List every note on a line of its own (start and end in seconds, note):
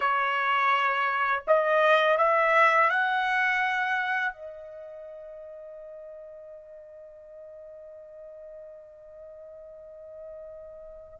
0.00 1.43 C#5
1.47 2.17 D#5
2.17 2.89 E5
2.89 4.32 F#5
4.32 11.19 D#5